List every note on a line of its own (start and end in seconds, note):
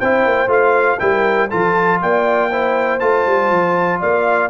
0.00 0.25 C4
0.00 0.48 E4
0.00 1.00 C5
0.00 0.50 G5
0.25 0.48 A#3
0.48 0.98 A3
0.48 0.98 F4
0.48 0.99 F5
0.99 1.51 G3
0.99 1.50 E4
0.99 1.49 A#4
0.99 1.49 G5
1.49 2.02 F3
1.49 2.51 F4
1.49 1.99 A4
1.49 2.00 A5
2.02 3.01 A#3
2.02 2.50 D5
2.02 3.00 G5
2.50 3.00 E4
2.50 4.00 C5
3.00 3.26 A3
3.00 4.50 F4
3.00 4.00 A5
3.26 3.51 G3
3.51 4.01 F3
4.00 4.50 A#3
4.00 4.50 D5
4.00 4.50 F5